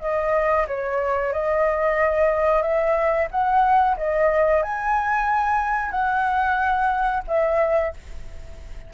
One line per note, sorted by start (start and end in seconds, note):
0.00 0.66 D#5
0.67 1.32 C#5
1.32 2.62 D#5
2.62 3.28 E5
3.31 3.97 F#5
3.97 4.62 D#5
4.62 5.91 G#5
5.91 7.23 F#5
7.27 7.93 E5